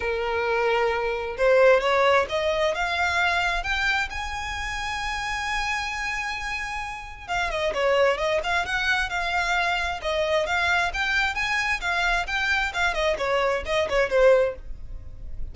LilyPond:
\new Staff \with { instrumentName = "violin" } { \time 4/4 \tempo 4 = 132 ais'2. c''4 | cis''4 dis''4 f''2 | g''4 gis''2.~ | gis''1 |
f''8 dis''8 cis''4 dis''8 f''8 fis''4 | f''2 dis''4 f''4 | g''4 gis''4 f''4 g''4 | f''8 dis''8 cis''4 dis''8 cis''8 c''4 | }